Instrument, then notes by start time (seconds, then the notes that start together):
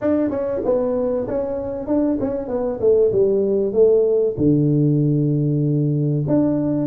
tuba
0.01 D4
0.30 C#4
0.64 B3
1.27 C#4
1.86 D4
2.20 C#4
2.47 B3
2.80 A3
3.12 G3
3.72 A3
4.37 D3
6.27 D4